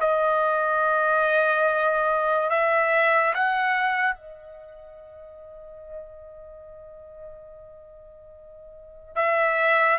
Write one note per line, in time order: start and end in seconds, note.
0.00 2.50 D#5
2.50 3.33 E5
3.34 4.16 F#5
4.16 9.15 D#5
9.15 9.98 E5